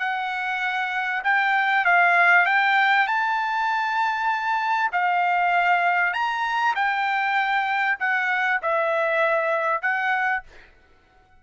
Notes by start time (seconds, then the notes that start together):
0.00 F#5
1.24 G5
1.86 F5
2.46 G5
3.08 A5
4.93 F5
6.14 A#5
6.76 G5
8.00 F#5
8.63 E5
9.82 F#5